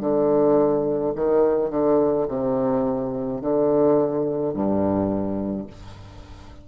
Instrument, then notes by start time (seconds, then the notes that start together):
bassoon
0.00 D3
1.15 D#3
1.70 D3
2.28 C3
3.41 D3
4.54 G2